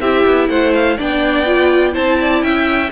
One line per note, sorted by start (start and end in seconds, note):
0.00 0.25 C4
0.00 0.98 E4
0.00 0.49 G4
0.00 0.48 E5
0.26 0.49 B3
0.49 0.97 A3
0.49 0.97 C5
0.49 0.74 F#5
0.74 0.98 F5
0.97 1.96 B3
0.97 1.46 D4
0.97 1.93 D5
0.97 1.95 G5
1.46 1.92 F4
1.92 2.43 C4
1.92 2.89 E4
1.92 2.17 C5
1.92 2.42 A5
2.21 2.44 D5
2.42 2.91 C#4
2.42 2.92 E5
2.42 2.91 G5